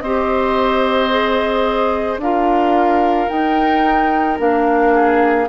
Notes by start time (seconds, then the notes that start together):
0.00 C4 G4 C5 D#5
1.10 G#4
2.17 D4 F4 A#4 F5
3.29 D#4 G5
4.38 A#3 D4 F5
4.94 G#4